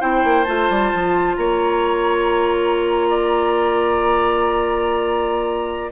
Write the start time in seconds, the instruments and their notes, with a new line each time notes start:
0.00 bassoon C4, clarinet E4, oboe C5, flute G5
0.24 bassoon A#3
0.44 bassoon A3, clarinet F4, flute A5
0.70 bassoon G3
0.94 bassoon F3
1.36 bassoon A#3, oboe C#5, flute A#5
3.09 oboe D5